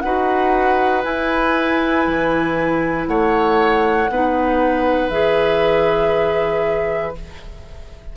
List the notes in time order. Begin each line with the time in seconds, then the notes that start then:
0.00 D#4 F#4 B4 F#5
1.03 E4 G#5
2.06 E3
3.07 A3 C#5 F#5
4.08 B3 D#4 B4
5.09 E3 G#4 E5